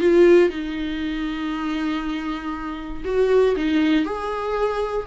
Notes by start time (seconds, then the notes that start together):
0.00 F4
0.49 D#4
3.05 F#4
3.56 D#4
4.05 G#4